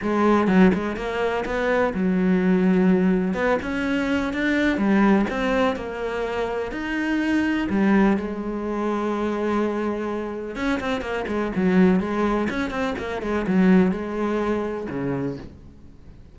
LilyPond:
\new Staff \with { instrumentName = "cello" } { \time 4/4 \tempo 4 = 125 gis4 fis8 gis8 ais4 b4 | fis2. b8 cis'8~ | cis'4 d'4 g4 c'4 | ais2 dis'2 |
g4 gis2.~ | gis2 cis'8 c'8 ais8 gis8 | fis4 gis4 cis'8 c'8 ais8 gis8 | fis4 gis2 cis4 | }